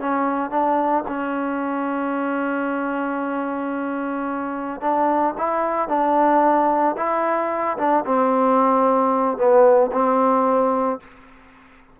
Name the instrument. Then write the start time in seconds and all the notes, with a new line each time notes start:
trombone
0.00 C#4
0.50 D4
1.08 C#4
4.81 D4
5.38 E4
5.88 D4
6.97 E4
7.78 D4
8.06 C4
9.37 B3
9.93 C4